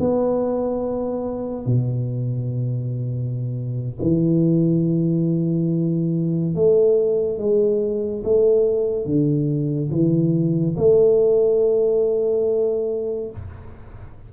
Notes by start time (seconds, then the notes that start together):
0.00 B3
1.66 B2
4.02 E3
6.55 A3
7.38 G#3
8.24 A3
9.06 D3
9.91 E3
10.77 A3